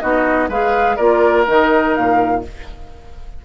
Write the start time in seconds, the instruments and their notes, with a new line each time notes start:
0.00 bassoon B3, clarinet D#4, oboe F#4, flute D#5
0.49 bassoon G#3, clarinet G#4, oboe B4, flute F5
0.96 bassoon A#3, clarinet F4, oboe A#4, flute D5
1.46 bassoon D#3, clarinet D#4, flute D#5
1.95 bassoon A#2, flute F5